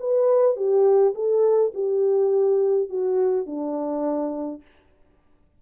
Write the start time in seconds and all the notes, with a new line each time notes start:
0.00 B4
0.56 G4
1.15 A4
1.74 G4
2.90 F#4
3.46 D4